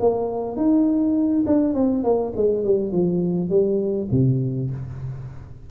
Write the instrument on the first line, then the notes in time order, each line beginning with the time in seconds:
tuba
0.00 A#3
0.56 D#4
1.46 D4
1.75 C4
2.03 A#3
2.36 G#3
2.64 G3
2.92 F3
3.49 G3
4.11 C3